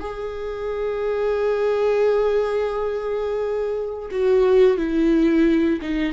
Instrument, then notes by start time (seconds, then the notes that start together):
viola
0.00 G#4
4.11 F#4
4.77 E4
5.82 D#4